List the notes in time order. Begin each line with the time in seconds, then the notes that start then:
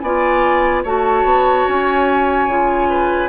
0.00 B3 F4 D5 G#5
0.84 A3 F#4 C#5 A5
1.24 B3
1.68 C#4 G#5
2.48 C#3 F4
2.90 B4